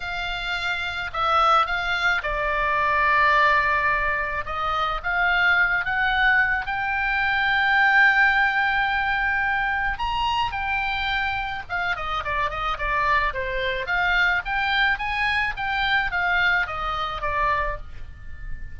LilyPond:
\new Staff \with { instrumentName = "oboe" } { \time 4/4 \tempo 4 = 108 f''2 e''4 f''4 | d''1 | dis''4 f''4. fis''4. | g''1~ |
g''2 ais''4 g''4~ | g''4 f''8 dis''8 d''8 dis''8 d''4 | c''4 f''4 g''4 gis''4 | g''4 f''4 dis''4 d''4 | }